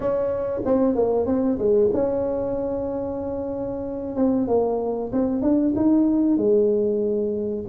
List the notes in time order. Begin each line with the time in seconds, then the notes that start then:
0.00 C#4
0.65 C4
0.95 A#3
1.26 C4
1.58 G#3
1.93 C#4
4.15 C4
4.47 A#3
5.12 C4
5.42 D4
5.76 D#4
6.37 G#3